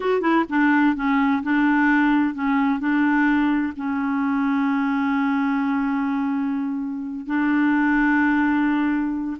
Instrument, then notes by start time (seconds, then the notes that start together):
clarinet
0.00 F#4
0.21 E4
0.49 D4
0.95 C#4
1.43 D4
2.34 C#4
2.79 D4
3.76 C#4
7.26 D4